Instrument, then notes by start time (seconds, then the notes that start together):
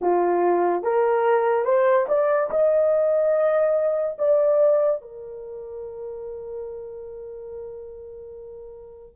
horn
0.01 F4
0.83 A#4
1.64 C5
2.08 D5
2.50 D#5
4.18 D5
5.01 A#4